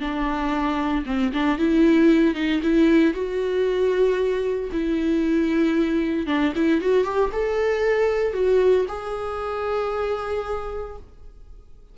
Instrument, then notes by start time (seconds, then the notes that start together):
viola
0.00 D4
1.06 C4
1.33 D4
1.58 E4
2.35 D#4
2.63 E4
3.14 F#4
4.72 E4
6.27 D4
6.56 E4
6.81 F#4
7.04 G4
7.32 A4
8.34 F#4
8.88 G#4